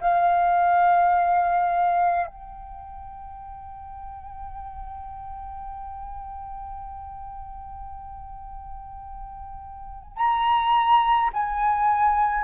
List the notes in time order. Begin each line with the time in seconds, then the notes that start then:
0.00 F5
2.26 G5
10.16 A#5
11.33 G#5